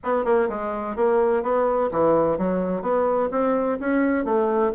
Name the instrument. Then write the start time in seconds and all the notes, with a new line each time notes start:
bassoon
0.03 B3
0.24 A#3
0.49 G#3
0.96 A#3
1.42 B3
1.91 E3
2.38 F#3
2.82 B3
3.31 C4
3.79 C#4
4.24 A3